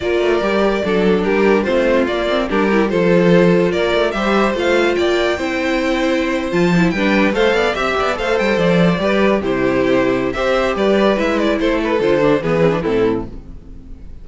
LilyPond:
<<
  \new Staff \with { instrumentName = "violin" } { \time 4/4 \tempo 4 = 145 d''2. ais'4 | c''4 d''4 ais'4 c''4~ | c''4 d''4 e''4 f''4 | g''2.~ g''8. a''16~ |
a''8. g''4 f''4 e''4 f''16~ | f''16 g''8 d''2 c''4~ c''16~ | c''4 e''4 d''4 e''8 d''8 | c''8 b'8 c''4 b'4 a'4 | }
  \new Staff \with { instrumentName = "violin" } { \time 4/4 ais'2 a'4 g'4 | f'2 g'4 a'4~ | a'4 ais'4 c''2 | d''4 c''2.~ |
c''8. b'4 c''8 d''8 e''8 d''8 c''16~ | c''4.~ c''16 b'4 g'4~ g'16~ | g'4 c''4 b'2 | a'2 gis'4 e'4 | }
  \new Staff \with { instrumentName = "viola" } { \time 4/4 f'4 g'4 d'2 | c'4 ais8 c'8 d'8 e'8 f'4~ | f'2 g'4 f'4~ | f'4 e'2~ e'8. f'16~ |
f'16 e'8 d'4 a'4 g'4 a'16~ | a'4.~ a'16 g'4 e'4~ e'16~ | e'4 g'2 e'4~ | e'4 f'8 d'8 b8 c'16 d'16 c'4 | }
  \new Staff \with { instrumentName = "cello" } { \time 4/4 ais8 a8 g4 fis4 g4 | a4 ais4 g4 f4~ | f4 ais8 a8 g4 a4 | ais4 c'2~ c'8. f16~ |
f8. g4 a8 b8 c'8 b8 a16~ | a16 g8 f4 g4 c4~ c16~ | c4 c'4 g4 gis4 | a4 d4 e4 a,4 | }
>>